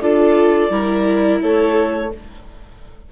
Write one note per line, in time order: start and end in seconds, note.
0.00 0.70 D4
0.00 0.70 F4
0.00 0.72 A4
0.00 1.40 D5
0.70 1.40 G3
0.70 2.10 E4
0.70 1.42 A#4
1.42 2.11 A3
1.42 2.11 A4
1.42 2.12 C#5